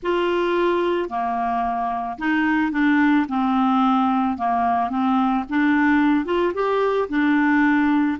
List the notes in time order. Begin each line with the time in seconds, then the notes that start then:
0.02 F4
1.09 A#3
2.18 D#4
2.71 D4
3.28 C4
4.37 A#3
4.89 C4
5.48 D4
6.25 F4
6.54 G4
7.09 D4